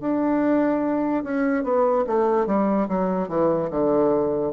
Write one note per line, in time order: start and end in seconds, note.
0.00 1.23 D4
1.23 1.63 C#4
1.63 2.04 B3
2.06 2.46 A3
2.46 2.87 G3
2.88 3.28 F#3
3.28 3.69 E3
3.70 4.52 D3